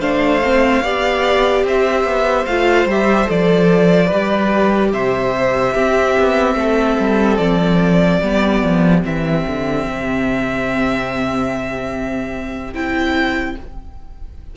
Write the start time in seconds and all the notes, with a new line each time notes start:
0.00 A3 D4 C5 F5
0.44 C4
0.82 B3 G4 D5
1.64 C4 C5 E5
2.04 B3
2.46 A3 F4 F5
2.86 G3 G4 E5
3.25 F3 A4 D5
4.07 G3 B4
4.13 G4
4.92 C3 C5 E5
5.74 C4 G4
6.19 B3
6.55 A3 A4
7.00 G3
7.37 F3 D5
8.21 G3 B3 G4
8.63 F3
9.03 E3 C4 E5
9.47 D3
9.87 C3
12.74 C4 E4 G5